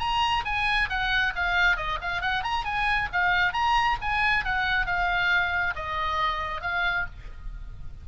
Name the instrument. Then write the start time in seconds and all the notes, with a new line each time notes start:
oboe
0.00 A#5
0.45 G#5
0.90 F#5
1.36 F5
1.77 D#5
2.02 F5
2.22 F#5
2.44 A#5
2.65 G#5
3.13 F5
3.54 A#5
4.02 G#5
4.45 F#5
4.86 F5
5.76 D#5
6.62 F5